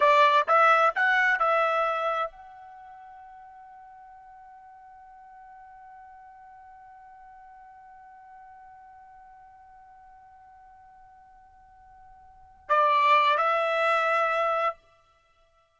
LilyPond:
\new Staff \with { instrumentName = "trumpet" } { \time 4/4 \tempo 4 = 130 d''4 e''4 fis''4 e''4~ | e''4 fis''2.~ | fis''1~ | fis''1~ |
fis''1~ | fis''1~ | fis''2.~ fis''8 d''8~ | d''4 e''2. | }